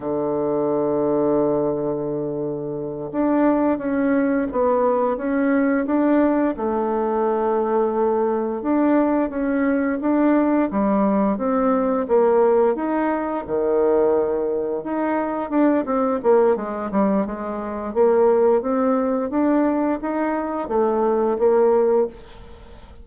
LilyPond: \new Staff \with { instrumentName = "bassoon" } { \time 4/4 \tempo 4 = 87 d1~ | d8 d'4 cis'4 b4 cis'8~ | cis'8 d'4 a2~ a8~ | a8 d'4 cis'4 d'4 g8~ |
g8 c'4 ais4 dis'4 dis8~ | dis4. dis'4 d'8 c'8 ais8 | gis8 g8 gis4 ais4 c'4 | d'4 dis'4 a4 ais4 | }